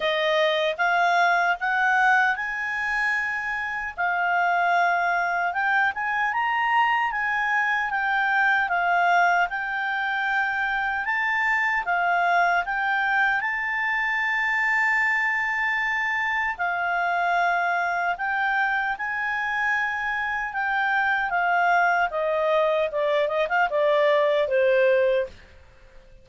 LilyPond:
\new Staff \with { instrumentName = "clarinet" } { \time 4/4 \tempo 4 = 76 dis''4 f''4 fis''4 gis''4~ | gis''4 f''2 g''8 gis''8 | ais''4 gis''4 g''4 f''4 | g''2 a''4 f''4 |
g''4 a''2.~ | a''4 f''2 g''4 | gis''2 g''4 f''4 | dis''4 d''8 dis''16 f''16 d''4 c''4 | }